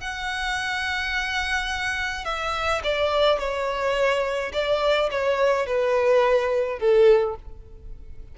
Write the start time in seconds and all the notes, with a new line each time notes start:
0.00 F#5
2.25 E5
2.84 D5
3.39 C#5
4.53 D5
5.11 C#5
5.66 B4
6.79 A4